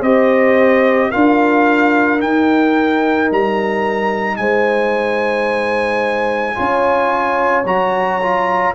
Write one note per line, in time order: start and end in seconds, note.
0.00 1.11 C4
0.00 1.13 G4
0.00 1.09 C5
0.00 1.11 D#5
1.10 2.23 D4
1.10 2.21 F4
1.10 4.37 A#4
1.10 2.20 F5
2.21 6.55 D#4
2.21 3.31 D#4
2.21 3.30 G5
3.31 4.39 G3
3.31 4.37 A#5
4.37 6.57 G#3
4.37 6.56 C5
4.37 7.64 G#5
6.55 7.65 C#4
6.55 7.64 F4
6.55 8.74 C#5
7.65 8.74 F#3
7.65 8.21 F#4
7.65 8.75 A#5
8.22 8.75 F4